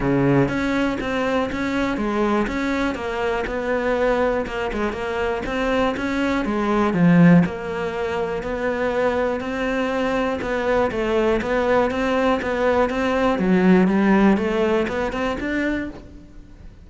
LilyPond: \new Staff \with { instrumentName = "cello" } { \time 4/4 \tempo 4 = 121 cis4 cis'4 c'4 cis'4 | gis4 cis'4 ais4 b4~ | b4 ais8 gis8 ais4 c'4 | cis'4 gis4 f4 ais4~ |
ais4 b2 c'4~ | c'4 b4 a4 b4 | c'4 b4 c'4 fis4 | g4 a4 b8 c'8 d'4 | }